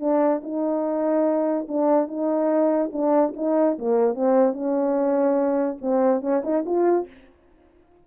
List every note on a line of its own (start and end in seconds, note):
0.00 0.41 D4
0.43 1.67 D#4
1.68 2.08 D4
2.08 2.91 D#4
2.93 3.34 D4
3.36 3.78 D#4
3.79 4.15 A#3
4.15 4.53 C4
4.53 5.77 C#4
5.82 6.21 C4
6.21 6.42 C#4
6.44 6.64 D#4
6.66 7.07 F4